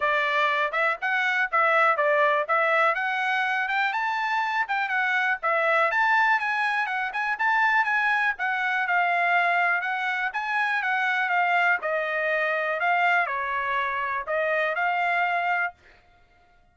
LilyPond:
\new Staff \with { instrumentName = "trumpet" } { \time 4/4 \tempo 4 = 122 d''4. e''8 fis''4 e''4 | d''4 e''4 fis''4. g''8 | a''4. g''8 fis''4 e''4 | a''4 gis''4 fis''8 gis''8 a''4 |
gis''4 fis''4 f''2 | fis''4 gis''4 fis''4 f''4 | dis''2 f''4 cis''4~ | cis''4 dis''4 f''2 | }